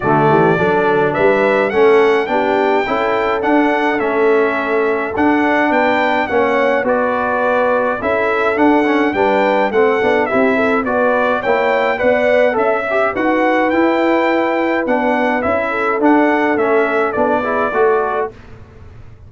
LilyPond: <<
  \new Staff \with { instrumentName = "trumpet" } { \time 4/4 \tempo 4 = 105 d''2 e''4 fis''4 | g''2 fis''4 e''4~ | e''4 fis''4 g''4 fis''4 | d''2 e''4 fis''4 |
g''4 fis''4 e''4 d''4 | g''4 fis''4 e''4 fis''4 | g''2 fis''4 e''4 | fis''4 e''4 d''2 | }
  \new Staff \with { instrumentName = "horn" } { \time 4/4 fis'8 g'8 a'4 b'4 a'4 | g'4 a'2.~ | a'2 b'4 cis''4 | b'2 a'2 |
b'4 a'4 g'8 a'8 b'4 | cis''4 d''4 e''4 b'4~ | b'2.~ b'8 a'8~ | a'2~ a'8 gis'8 a'4 | }
  \new Staff \with { instrumentName = "trombone" } { \time 4/4 a4 d'2 cis'4 | d'4 e'4 d'4 cis'4~ | cis'4 d'2 cis'4 | fis'2 e'4 d'8 cis'8 |
d'4 c'8 d'8 e'4 fis'4 | e'4 b'4 a'8 g'8 fis'4 | e'2 d'4 e'4 | d'4 cis'4 d'8 e'8 fis'4 | }
  \new Staff \with { instrumentName = "tuba" } { \time 4/4 d8 e8 fis4 g4 a4 | b4 cis'4 d'4 a4~ | a4 d'4 b4 ais4 | b2 cis'4 d'4 |
g4 a8 b8 c'4 b4 | ais4 b4 cis'4 dis'4 | e'2 b4 cis'4 | d'4 a4 b4 a4 | }
>>